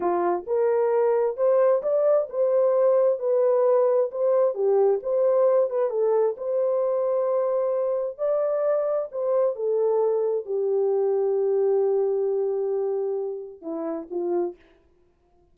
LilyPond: \new Staff \with { instrumentName = "horn" } { \time 4/4 \tempo 4 = 132 f'4 ais'2 c''4 | d''4 c''2 b'4~ | b'4 c''4 g'4 c''4~ | c''8 b'8 a'4 c''2~ |
c''2 d''2 | c''4 a'2 g'4~ | g'1~ | g'2 e'4 f'4 | }